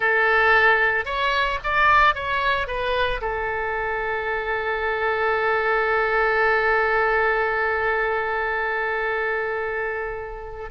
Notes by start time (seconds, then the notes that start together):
0.00 A4
1.05 C#5
1.63 D5
2.14 C#5
2.67 B4
3.21 A4